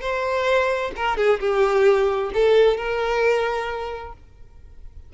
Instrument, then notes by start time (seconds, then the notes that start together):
violin
0.00 C5
0.96 A#4
1.17 G#4
1.40 G4
2.34 A4
2.76 A#4